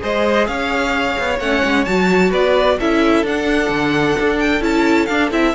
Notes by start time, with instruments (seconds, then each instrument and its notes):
0.00 cello G#3, viola G#4, violin C5 D#5
0.47 cello C#4, violin C#5 F5
1.19 cello B3
1.40 cello A3, viola C#4, violin F#5
1.64 cello G#3
1.85 cello F#3, viola F#4, violin A5
2.30 cello B3, violin B4 D5
2.80 cello C#4, viola E4, violin A4 E5
3.23 cello D4, viola D4, violin F#5
3.69 cello D3
4.20 cello D4
4.40 violin G5
4.61 cello C#4, viola E4, violin A5
5.06 viola D4, cello D4, violin F5
5.31 cello C4, viola E4, violin E5